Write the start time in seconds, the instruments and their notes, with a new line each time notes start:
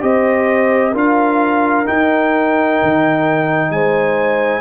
0.00 tuba C4, trombone G4, horn C5, trumpet D#5
0.92 tuba D4, trombone F4, horn A#4, trumpet F5
1.85 trombone D#4, tuba D#4, trumpet G5
2.82 tuba D#3
3.70 tuba G#3, horn C5, trumpet G#5